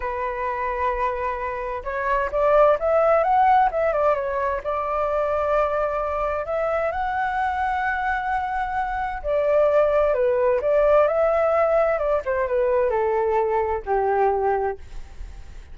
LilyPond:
\new Staff \with { instrumentName = "flute" } { \time 4/4 \tempo 4 = 130 b'1 | cis''4 d''4 e''4 fis''4 | e''8 d''8 cis''4 d''2~ | d''2 e''4 fis''4~ |
fis''1 | d''2 b'4 d''4 | e''2 d''8 c''8 b'4 | a'2 g'2 | }